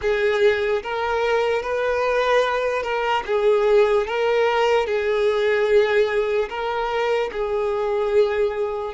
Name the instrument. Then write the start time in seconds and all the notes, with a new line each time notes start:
violin
0.01 G#4
0.83 A#4
1.62 B4
2.82 A#4
3.25 G#4
4.07 A#4
4.86 G#4
6.49 A#4
7.32 G#4